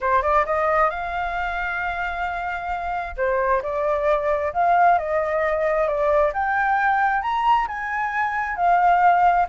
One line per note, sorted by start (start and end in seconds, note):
0.00 0.22 C5
0.22 0.45 D5
0.45 0.90 D#5
0.90 3.15 F5
3.16 3.62 C5
3.62 4.52 D5
4.53 4.98 F5
4.98 5.87 D#5
5.87 6.32 D5
6.33 7.22 G5
7.22 7.67 A#5
7.67 8.56 G#5
8.56 9.46 F5